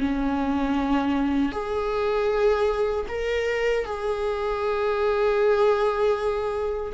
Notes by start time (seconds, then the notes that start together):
0.00 C#4
1.52 G#4
3.09 A#4
3.85 G#4